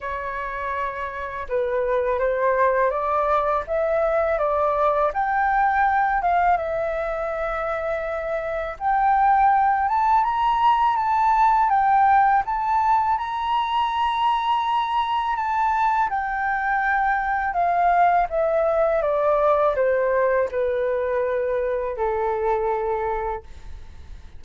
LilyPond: \new Staff \with { instrumentName = "flute" } { \time 4/4 \tempo 4 = 82 cis''2 b'4 c''4 | d''4 e''4 d''4 g''4~ | g''8 f''8 e''2. | g''4. a''8 ais''4 a''4 |
g''4 a''4 ais''2~ | ais''4 a''4 g''2 | f''4 e''4 d''4 c''4 | b'2 a'2 | }